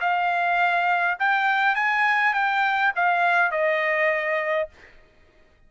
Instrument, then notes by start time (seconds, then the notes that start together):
trumpet
0.00 F5
1.19 G5
1.75 G#5
2.33 G5
2.95 F5
3.51 D#5